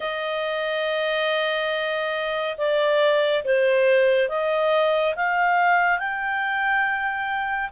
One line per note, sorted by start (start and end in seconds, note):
0.00 2.56 D#5
2.57 3.43 D5
3.44 4.29 C5
4.29 5.14 D#5
5.15 5.98 F5
5.98 7.69 G5